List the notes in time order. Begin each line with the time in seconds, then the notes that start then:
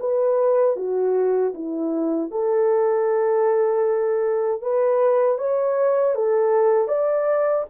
0.00 B4
0.77 F#4
1.55 E4
2.31 A4
4.62 B4
5.39 C#5
6.15 A4
6.88 D5